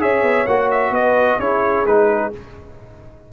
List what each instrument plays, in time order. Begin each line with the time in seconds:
0.00 tuba C#4, trombone G#4, horn C#5, trumpet E5
0.23 tuba B3
0.47 tuba A#3, trombone F#4, trumpet F#5
0.71 trumpet E5
0.91 tuba B3, horn B4, trumpet D#5
1.40 tuba C#4, trombone E4, horn G#4, trumpet C#5
1.86 tuba G#3, trombone D#4, trumpet B4